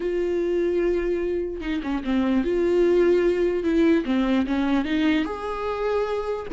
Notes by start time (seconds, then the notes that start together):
0.00 F4
1.60 D#4
1.83 C#4
2.04 C4
2.43 F4
3.63 E4
4.05 C4
4.46 C#4
4.84 D#4
5.24 G#4